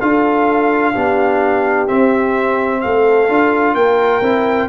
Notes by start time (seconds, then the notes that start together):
0.00 D4 F4 A4 F5
0.94 B3 D4 G4
1.88 C4 E5
2.81 A3 A4 F5
3.29 D4 F4
3.74 A#3 A#4 G5
4.21 C4 E4